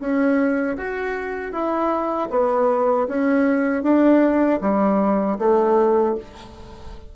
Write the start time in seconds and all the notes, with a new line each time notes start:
0.00 C#4
0.77 F#4
1.52 E4
2.30 B3
3.08 C#4
3.83 D4
4.61 G3
5.39 A3